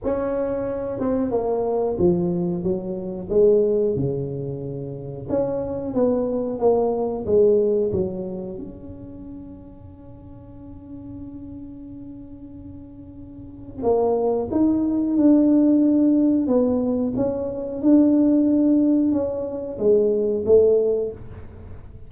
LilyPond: \new Staff \with { instrumentName = "tuba" } { \time 4/4 \tempo 4 = 91 cis'4. c'8 ais4 f4 | fis4 gis4 cis2 | cis'4 b4 ais4 gis4 | fis4 cis'2.~ |
cis'1~ | cis'4 ais4 dis'4 d'4~ | d'4 b4 cis'4 d'4~ | d'4 cis'4 gis4 a4 | }